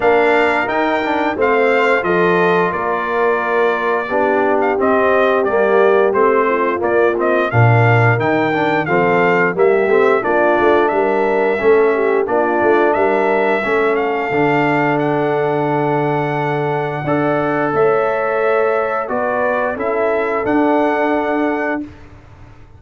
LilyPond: <<
  \new Staff \with { instrumentName = "trumpet" } { \time 4/4 \tempo 4 = 88 f''4 g''4 f''4 dis''4 | d''2~ d''8. f''16 dis''4 | d''4 c''4 d''8 dis''8 f''4 | g''4 f''4 e''4 d''4 |
e''2 d''4 e''4~ | e''8 f''4. fis''2~ | fis''2 e''2 | d''4 e''4 fis''2 | }
  \new Staff \with { instrumentName = "horn" } { \time 4/4 ais'2 c''4 a'4 | ais'2 g'2~ | g'4. f'4. ais'4~ | ais'4 a'4 g'4 f'4 |
ais'4 a'8 g'8 f'4 ais'4 | a'1~ | a'4 d''4 cis''2 | b'4 a'2. | }
  \new Staff \with { instrumentName = "trombone" } { \time 4/4 d'4 dis'8 d'8 c'4 f'4~ | f'2 d'4 c'4 | ais4 c'4 ais8 c'8 d'4 | dis'8 d'8 c'4 ais8 c'8 d'4~ |
d'4 cis'4 d'2 | cis'4 d'2.~ | d'4 a'2. | fis'4 e'4 d'2 | }
  \new Staff \with { instrumentName = "tuba" } { \time 4/4 ais4 dis'4 a4 f4 | ais2 b4 c'4 | g4 a4 ais4 ais,4 | dis4 f4 g8 a8 ais8 a8 |
g4 a4 ais8 a8 g4 | a4 d2.~ | d4 d'4 a2 | b4 cis'4 d'2 | }
>>